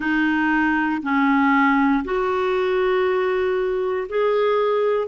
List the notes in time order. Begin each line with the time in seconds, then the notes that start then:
0.00 D#4
1.02 C#4
2.04 F#4
4.08 G#4